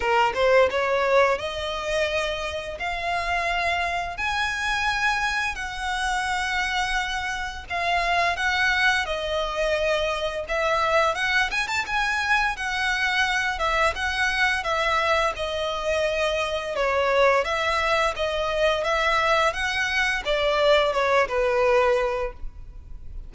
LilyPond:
\new Staff \with { instrumentName = "violin" } { \time 4/4 \tempo 4 = 86 ais'8 c''8 cis''4 dis''2 | f''2 gis''2 | fis''2. f''4 | fis''4 dis''2 e''4 |
fis''8 gis''16 a''16 gis''4 fis''4. e''8 | fis''4 e''4 dis''2 | cis''4 e''4 dis''4 e''4 | fis''4 d''4 cis''8 b'4. | }